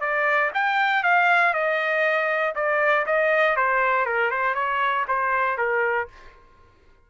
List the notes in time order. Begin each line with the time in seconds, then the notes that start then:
0.00 D5
0.54 G5
1.03 F5
1.53 D#5
2.55 D5
3.06 D#5
3.56 C5
4.05 A#4
4.31 C5
4.54 C#5
5.08 C5
5.57 A#4